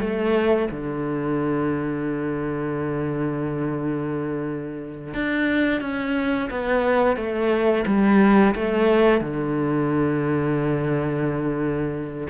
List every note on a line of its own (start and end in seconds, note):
0.00 0.68 A3
0.71 5.14 D3
5.14 5.81 D4
5.81 6.49 C#4
6.50 7.16 B3
7.16 7.84 A3
7.86 8.54 G3
8.55 9.21 A3
9.21 12.28 D3